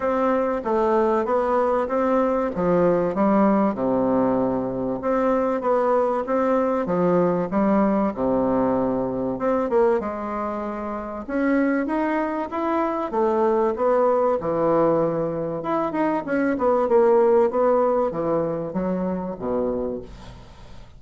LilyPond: \new Staff \with { instrumentName = "bassoon" } { \time 4/4 \tempo 4 = 96 c'4 a4 b4 c'4 | f4 g4 c2 | c'4 b4 c'4 f4 | g4 c2 c'8 ais8 |
gis2 cis'4 dis'4 | e'4 a4 b4 e4~ | e4 e'8 dis'8 cis'8 b8 ais4 | b4 e4 fis4 b,4 | }